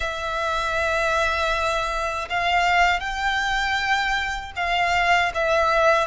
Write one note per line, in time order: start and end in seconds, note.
0.00 2.28 E5
2.29 3.00 F5
3.00 4.52 G5
4.56 5.32 F5
5.34 6.06 E5